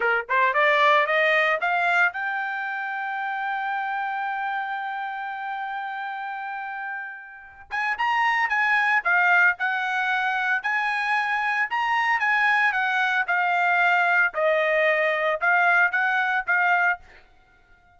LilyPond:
\new Staff \with { instrumentName = "trumpet" } { \time 4/4 \tempo 4 = 113 ais'8 c''8 d''4 dis''4 f''4 | g''1~ | g''1~ | g''2~ g''8 gis''8 ais''4 |
gis''4 f''4 fis''2 | gis''2 ais''4 gis''4 | fis''4 f''2 dis''4~ | dis''4 f''4 fis''4 f''4 | }